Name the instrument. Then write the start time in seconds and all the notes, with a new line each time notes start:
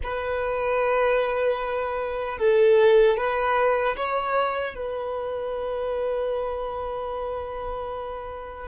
violin
0.03 B4
2.38 A4
3.17 B4
3.96 C#5
4.74 B4